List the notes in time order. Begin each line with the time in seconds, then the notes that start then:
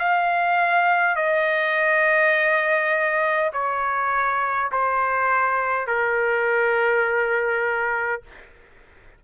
0.00 F5
1.16 D#5
3.53 C#5
4.72 C5
5.87 A#4